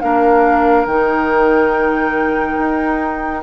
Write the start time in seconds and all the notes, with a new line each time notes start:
0.00 A#3 D4 A#4 F5
0.86 D#3 D#4 G5
2.58 D#4